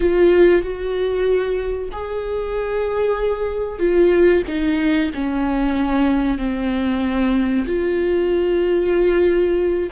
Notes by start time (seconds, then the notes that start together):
0.00 F4
0.62 F#4
1.91 G#4
3.79 F4
4.47 D#4
5.14 C#4
6.38 C4
7.66 F4